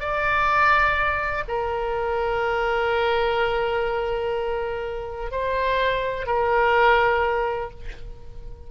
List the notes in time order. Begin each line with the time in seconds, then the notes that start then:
0.00 D5
1.48 A#4
5.31 C5
6.26 A#4